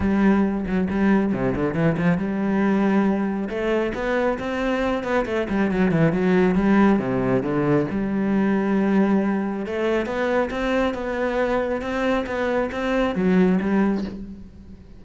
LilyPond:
\new Staff \with { instrumentName = "cello" } { \time 4/4 \tempo 4 = 137 g4. fis8 g4 c8 d8 | e8 f8 g2. | a4 b4 c'4. b8 | a8 g8 fis8 e8 fis4 g4 |
c4 d4 g2~ | g2 a4 b4 | c'4 b2 c'4 | b4 c'4 fis4 g4 | }